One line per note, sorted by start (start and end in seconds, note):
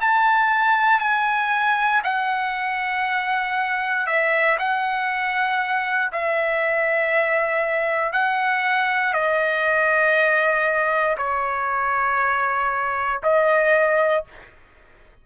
0.00 0.99 A5
0.99 2.01 G#5
2.03 4.06 F#5
4.06 4.57 E5
4.58 6.11 F#5
6.12 8.12 E5
8.12 9.13 F#5
9.13 11.16 D#5
11.17 13.21 C#5
13.22 14.24 D#5